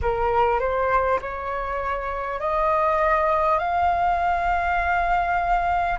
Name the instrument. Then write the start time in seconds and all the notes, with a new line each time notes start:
flute
0.01 A#4
0.59 C5
1.21 C#5
2.39 D#5
3.58 F5